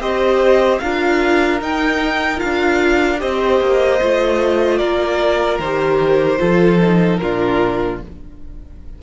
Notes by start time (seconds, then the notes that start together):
0.00 C4 G4 C5 D#5
0.79 D4 F4 A#4 F5
1.61 D#4 G5
2.37 F4 F5
2.44 D4
3.19 C4 G4 C5 D#5
3.61 A#3
4.02 A3 F4
4.78 A#3 A#4 D5
5.59 D#3 G4 C5
6.39 F3 F4 A4
6.81 D#4
7.17 A#2 D4 F4 A#4